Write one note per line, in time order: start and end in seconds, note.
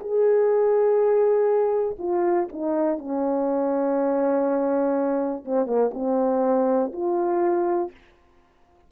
0.00 1.97 G#4
1.99 2.48 F4
2.53 2.99 D#4
2.99 5.45 C#4
5.45 5.66 C4
5.66 5.91 A#3
5.94 6.92 C4
6.93 7.91 F4